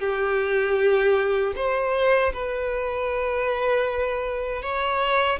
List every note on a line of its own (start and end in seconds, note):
0.00 1.54 G4
1.56 2.33 C5
2.33 4.63 B4
4.63 5.40 C#5